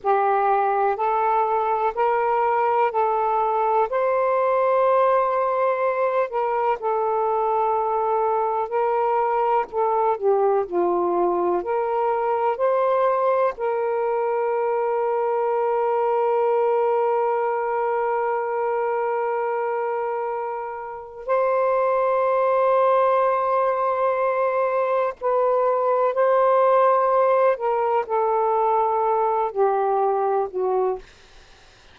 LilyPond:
\new Staff \with { instrumentName = "saxophone" } { \time 4/4 \tempo 4 = 62 g'4 a'4 ais'4 a'4 | c''2~ c''8 ais'8 a'4~ | a'4 ais'4 a'8 g'8 f'4 | ais'4 c''4 ais'2~ |
ais'1~ | ais'2 c''2~ | c''2 b'4 c''4~ | c''8 ais'8 a'4. g'4 fis'8 | }